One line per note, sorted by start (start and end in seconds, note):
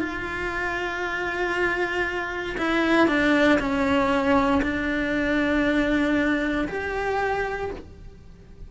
0.00 2.56 F4
2.58 3.08 E4
3.08 3.59 D4
3.60 4.62 C#4
4.63 6.68 D4
6.69 7.71 G4